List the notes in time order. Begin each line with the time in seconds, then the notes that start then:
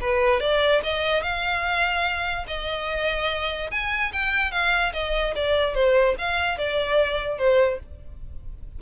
0.00 B4
0.40 D5
0.83 D#5
1.22 F5
2.47 D#5
3.71 G#5
4.12 G5
4.51 F5
4.93 D#5
5.35 D5
5.74 C5
6.18 F5
6.57 D5
7.38 C5